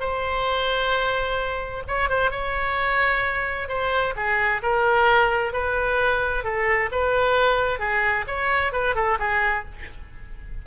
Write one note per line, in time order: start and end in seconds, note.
0.00 1.83 C5
1.88 2.09 C#5
2.09 2.31 C5
2.31 3.68 C#5
3.68 4.14 C5
4.16 4.62 G#4
4.63 5.53 A#4
5.53 6.44 B4
6.44 6.90 A4
6.92 7.79 B4
7.79 8.25 G#4
8.27 8.73 C#5
8.73 8.95 B4
8.95 9.18 A4
9.19 9.65 G#4